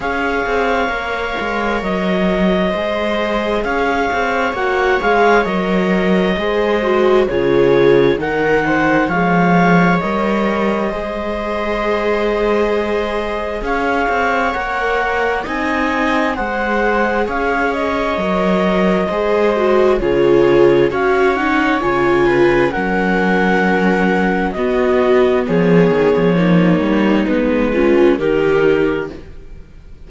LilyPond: <<
  \new Staff \with { instrumentName = "clarinet" } { \time 4/4 \tempo 4 = 66 f''2 dis''2 | f''4 fis''8 f''8 dis''2 | cis''4 fis''4 f''4 dis''4~ | dis''2. f''4 |
fis''4 gis''4 fis''4 f''8 dis''8~ | dis''2 cis''4 f''8 fis''8 | gis''4 fis''2 dis''4 | cis''2 b'4 ais'4 | }
  \new Staff \with { instrumentName = "viola" } { \time 4/4 cis''2. c''4 | cis''2. c''4 | gis'4 ais'8 c''8 cis''2 | c''2. cis''4~ |
cis''4 dis''4 c''4 cis''4~ | cis''4 c''4 gis'4 cis''4~ | cis''8 b'8 ais'2 fis'4 | gis'4 dis'4. f'8 g'4 | }
  \new Staff \with { instrumentName = "viola" } { \time 4/4 gis'4 ais'2 gis'4~ | gis'4 fis'8 gis'8 ais'4 gis'8 fis'8 | f'4 dis'4 gis4 ais'4 | gis'1 |
ais'4 dis'4 gis'2 | ais'4 gis'8 fis'8 f'4 fis'8 dis'8 | f'4 cis'2 b4~ | b4 ais4 b8 cis'8 dis'4 | }
  \new Staff \with { instrumentName = "cello" } { \time 4/4 cis'8 c'8 ais8 gis8 fis4 gis4 | cis'8 c'8 ais8 gis8 fis4 gis4 | cis4 dis4 f4 g4 | gis2. cis'8 c'8 |
ais4 c'4 gis4 cis'4 | fis4 gis4 cis4 cis'4 | cis4 fis2 b4 | f8 dis16 f8. g8 gis4 dis4 | }
>>